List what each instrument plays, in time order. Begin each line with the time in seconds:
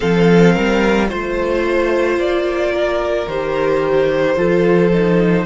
0.00 cello F3, viola C4, violin A4 F5
0.52 cello G3, violin A#4
1.09 cello A3, viola F4, violin C5
2.17 cello A#3, violin D5
2.73 violin A#4
3.27 cello D#3, viola G4, violin C5
4.36 cello F3, viola F4, violin A4
4.93 viola D#4